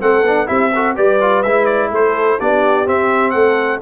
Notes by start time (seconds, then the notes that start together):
0.00 A3 C4 A4 F#5
0.22 B3 D4
0.46 C4 E4 G4 E5
0.74 F#4 A4
0.95 G3 G4 B4 D5
1.20 F4
1.42 G#3 E4 E5
1.65 D5
1.91 A3 A4 C5
2.39 B3 D4 G4 D5
2.85 C4 E5
3.30 A3 A4 F#5